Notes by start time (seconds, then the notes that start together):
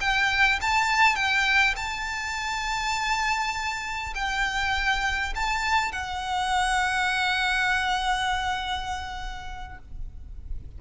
0.00 G5
0.61 A5
1.15 G5
1.76 A5
4.15 G5
5.35 A5
5.92 F#5